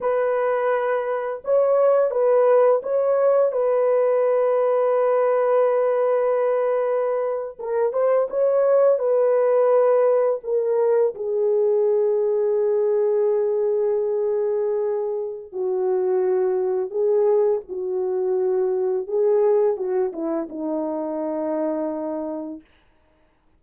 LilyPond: \new Staff \with { instrumentName = "horn" } { \time 4/4 \tempo 4 = 85 b'2 cis''4 b'4 | cis''4 b'2.~ | b'2~ b'8. ais'8 c''8 cis''16~ | cis''8. b'2 ais'4 gis'16~ |
gis'1~ | gis'2 fis'2 | gis'4 fis'2 gis'4 | fis'8 e'8 dis'2. | }